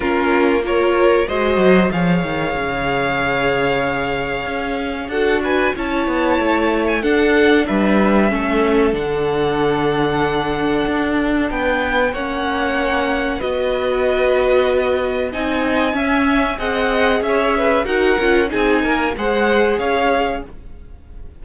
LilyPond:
<<
  \new Staff \with { instrumentName = "violin" } { \time 4/4 \tempo 4 = 94 ais'4 cis''4 dis''4 f''4~ | f''1 | fis''8 gis''8 a''4.~ a''16 gis''16 fis''4 | e''2 fis''2~ |
fis''2 g''4 fis''4~ | fis''4 dis''2. | gis''2 fis''4 e''4 | fis''4 gis''4 fis''4 f''4 | }
  \new Staff \with { instrumentName = "violin" } { \time 4/4 f'4 ais'4 c''4 cis''4~ | cis''1 | a'8 b'8 cis''2 a'4 | b'4 a'2.~ |
a'2 b'4 cis''4~ | cis''4 b'2. | dis''4 e''4 dis''4 cis''8 b'8 | ais'4 gis'8 ais'8 c''4 cis''4 | }
  \new Staff \with { instrumentName = "viola" } { \time 4/4 cis'4 f'4 fis'4 gis'4~ | gis'1 | fis'4 e'2 d'4~ | d'4 cis'4 d'2~ |
d'2. cis'4~ | cis'4 fis'2. | dis'4 cis'4 gis'2 | fis'8 f'8 dis'4 gis'2 | }
  \new Staff \with { instrumentName = "cello" } { \time 4/4 ais2 gis8 fis8 f8 dis8 | cis2. cis'4 | d'4 cis'8 b8 a4 d'4 | g4 a4 d2~ |
d4 d'4 b4 ais4~ | ais4 b2. | c'4 cis'4 c'4 cis'4 | dis'8 cis'8 c'8 ais8 gis4 cis'4 | }
>>